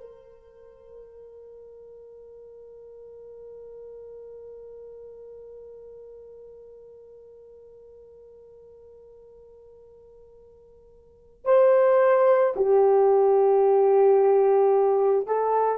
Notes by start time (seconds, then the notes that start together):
0.00 A#4
11.44 C5
12.56 G4
15.26 A4